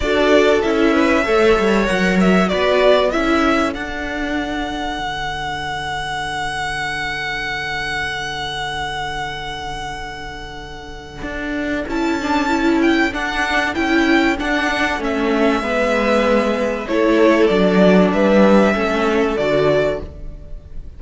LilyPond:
<<
  \new Staff \with { instrumentName = "violin" } { \time 4/4 \tempo 4 = 96 d''4 e''2 fis''8 e''8 | d''4 e''4 fis''2~ | fis''1~ | fis''1~ |
fis''2. a''4~ | a''8 g''8 fis''4 g''4 fis''4 | e''2. cis''4 | d''4 e''2 d''4 | }
  \new Staff \with { instrumentName = "violin" } { \time 4/4 a'4. b'8 cis''2 | b'4 a'2.~ | a'1~ | a'1~ |
a'1~ | a'1~ | a'4 b'2 a'4~ | a'4 b'4 a'2 | }
  \new Staff \with { instrumentName = "viola" } { \time 4/4 fis'4 e'4 a'4 ais'4 | fis'4 e'4 d'2~ | d'1~ | d'1~ |
d'2. e'8 d'8 | e'4 d'4 e'4 d'4 | cis'4 b2 e'4 | d'2 cis'4 fis'4 | }
  \new Staff \with { instrumentName = "cello" } { \time 4/4 d'4 cis'4 a8 g8 fis4 | b4 cis'4 d'2 | d1~ | d1~ |
d2 d'4 cis'4~ | cis'4 d'4 cis'4 d'4 | a4 gis2 a4 | fis4 g4 a4 d4 | }
>>